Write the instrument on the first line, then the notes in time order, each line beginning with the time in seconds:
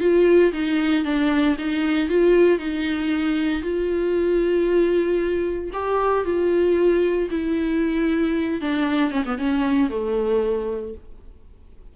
viola
0.00 F4
0.53 D#4
1.04 D4
1.58 D#4
2.09 F4
2.59 D#4
3.62 F4
5.73 G4
6.25 F4
7.31 E4
8.61 D4
9.11 C#4
9.25 B3
9.38 C#4
9.90 A3